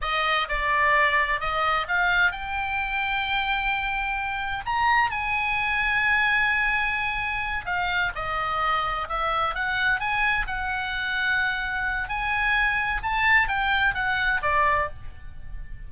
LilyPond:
\new Staff \with { instrumentName = "oboe" } { \time 4/4 \tempo 4 = 129 dis''4 d''2 dis''4 | f''4 g''2.~ | g''2 ais''4 gis''4~ | gis''1~ |
gis''8 f''4 dis''2 e''8~ | e''8 fis''4 gis''4 fis''4.~ | fis''2 gis''2 | a''4 g''4 fis''4 d''4 | }